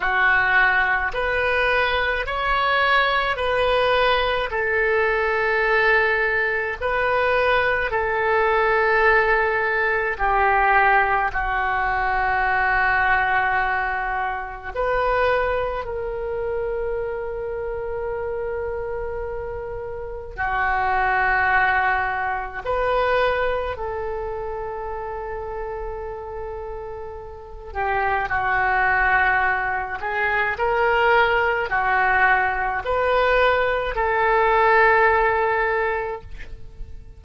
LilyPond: \new Staff \with { instrumentName = "oboe" } { \time 4/4 \tempo 4 = 53 fis'4 b'4 cis''4 b'4 | a'2 b'4 a'4~ | a'4 g'4 fis'2~ | fis'4 b'4 ais'2~ |
ais'2 fis'2 | b'4 a'2.~ | a'8 g'8 fis'4. gis'8 ais'4 | fis'4 b'4 a'2 | }